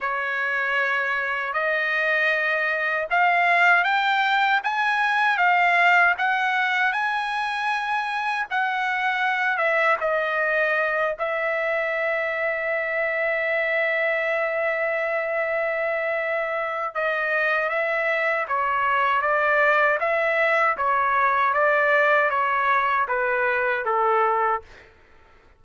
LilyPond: \new Staff \with { instrumentName = "trumpet" } { \time 4/4 \tempo 4 = 78 cis''2 dis''2 | f''4 g''4 gis''4 f''4 | fis''4 gis''2 fis''4~ | fis''8 e''8 dis''4. e''4.~ |
e''1~ | e''2 dis''4 e''4 | cis''4 d''4 e''4 cis''4 | d''4 cis''4 b'4 a'4 | }